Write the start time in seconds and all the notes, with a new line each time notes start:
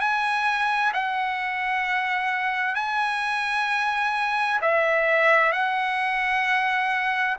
0.00 G#5
0.94 F#5
2.75 G#5
4.61 E5
5.52 F#5